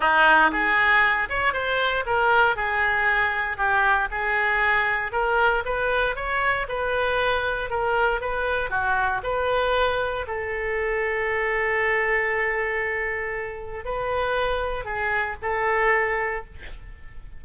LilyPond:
\new Staff \with { instrumentName = "oboe" } { \time 4/4 \tempo 4 = 117 dis'4 gis'4. cis''8 c''4 | ais'4 gis'2 g'4 | gis'2 ais'4 b'4 | cis''4 b'2 ais'4 |
b'4 fis'4 b'2 | a'1~ | a'2. b'4~ | b'4 gis'4 a'2 | }